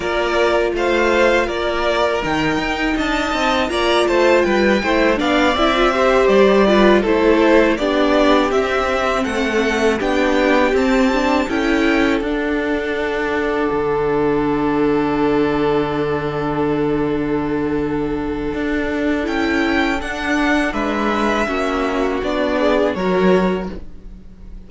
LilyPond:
<<
  \new Staff \with { instrumentName = "violin" } { \time 4/4 \tempo 4 = 81 d''4 f''4 d''4 g''4 | a''4 ais''8 a''8 g''4 f''8 e''8~ | e''8 d''4 c''4 d''4 e''8~ | e''8 fis''4 g''4 a''4 g''8~ |
g''8 fis''2.~ fis''8~ | fis''1~ | fis''2 g''4 fis''4 | e''2 d''4 cis''4 | }
  \new Staff \with { instrumentName = "violin" } { \time 4/4 ais'4 c''4 ais'2 | dis''4 d''8 c''8 b'8 c''8 d''4 | c''4 b'8 a'4 g'4.~ | g'8 a'4 g'2 a'8~ |
a'1~ | a'1~ | a'1 | b'4 fis'4. gis'8 ais'4 | }
  \new Staff \with { instrumentName = "viola" } { \time 4/4 f'2. dis'4~ | dis'4 f'4. e'8 d'8 e'16 f'16 | g'4 f'8 e'4 d'4 c'8~ | c'4. d'4 c'8 d'8 e'8~ |
e'8 d'2.~ d'8~ | d'1~ | d'2 e'4 d'4~ | d'4 cis'4 d'4 fis'4 | }
  \new Staff \with { instrumentName = "cello" } { \time 4/4 ais4 a4 ais4 dis8 dis'8 | d'8 c'8 ais8 a8 g8 a8 b8 c'8~ | c'8 g4 a4 b4 c'8~ | c'8 a4 b4 c'4 cis'8~ |
cis'8 d'2 d4.~ | d1~ | d4 d'4 cis'4 d'4 | gis4 ais4 b4 fis4 | }
>>